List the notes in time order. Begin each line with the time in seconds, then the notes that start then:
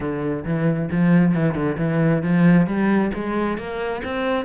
0.00 D3
0.44 E3
0.91 F3
1.34 E3
1.54 D3
1.78 E3
2.22 F3
2.66 G3
3.14 G#3
3.57 A#3
4.04 C4